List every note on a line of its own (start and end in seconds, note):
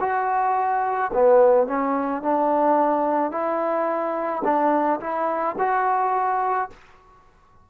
0.00 1.11 F#4
1.13 1.67 B3
1.67 2.22 C#4
2.22 3.31 D4
3.31 4.42 E4
4.44 4.99 D4
5.00 5.56 E4
5.58 6.69 F#4